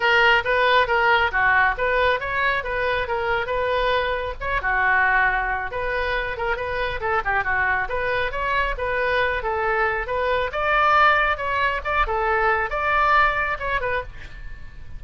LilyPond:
\new Staff \with { instrumentName = "oboe" } { \time 4/4 \tempo 4 = 137 ais'4 b'4 ais'4 fis'4 | b'4 cis''4 b'4 ais'4 | b'2 cis''8 fis'4.~ | fis'4 b'4. ais'8 b'4 |
a'8 g'8 fis'4 b'4 cis''4 | b'4. a'4. b'4 | d''2 cis''4 d''8 a'8~ | a'4 d''2 cis''8 b'8 | }